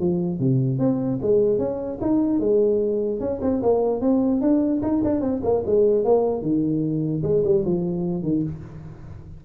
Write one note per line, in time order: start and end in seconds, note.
0.00 0.40 F3
0.40 0.79 C3
0.79 1.19 C4
1.22 1.59 G#3
1.59 1.99 C#4
2.02 2.40 D#4
2.40 3.20 G#3
3.20 3.40 C#4
3.42 3.62 C4
3.63 4.01 A#3
4.01 4.41 C4
4.41 4.82 D4
4.83 5.03 D#4
5.04 5.21 D4
5.21 5.41 C4
5.44 5.64 A#3
5.67 6.05 G#3
6.05 6.42 A#3
6.42 7.23 D#3
7.23 7.43 G#3
7.45 7.65 G3
7.65 8.23 F3
8.23 8.43 D#3